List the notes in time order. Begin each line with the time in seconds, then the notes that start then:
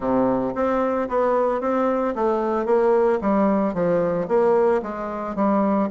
0.00 C3
0.54 C4
1.08 B3
1.60 C4
2.15 A3
2.65 A#3
3.21 G3
3.74 F3
4.28 A#3
4.82 G#3
5.35 G3